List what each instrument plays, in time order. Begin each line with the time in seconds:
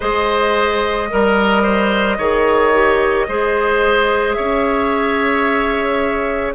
0.00 bassoon G#3, clarinet G#4, oboe C5, flute D#5
1.09 bassoon G3, clarinet A#4, oboe A#4
1.62 oboe C5
2.17 bassoon D#3, clarinet G#4, oboe C#5
2.73 clarinet G4
3.27 bassoon G#3, clarinet G#4, oboe C5
4.33 bassoon C#4, oboe C#5, flute E5